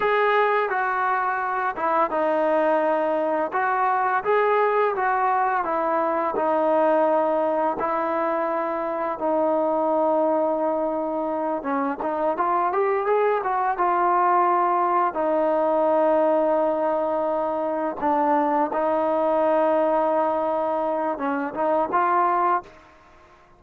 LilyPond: \new Staff \with { instrumentName = "trombone" } { \time 4/4 \tempo 4 = 85 gis'4 fis'4. e'8 dis'4~ | dis'4 fis'4 gis'4 fis'4 | e'4 dis'2 e'4~ | e'4 dis'2.~ |
dis'8 cis'8 dis'8 f'8 g'8 gis'8 fis'8 f'8~ | f'4. dis'2~ dis'8~ | dis'4. d'4 dis'4.~ | dis'2 cis'8 dis'8 f'4 | }